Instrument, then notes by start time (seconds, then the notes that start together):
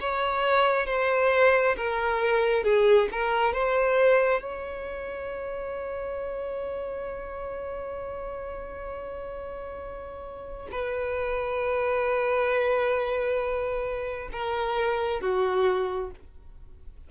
violin
0.00 C#5
0.86 C5
1.77 A#4
2.64 G#4
3.12 A#4
3.53 C5
4.42 C#5
10.71 B4
14.32 A#4
15.21 F#4